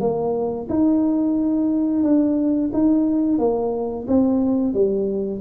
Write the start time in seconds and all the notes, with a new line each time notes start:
0.00 A#3
0.69 D#4
2.03 D4
2.73 D#4
3.38 A#3
4.07 C4
4.73 G3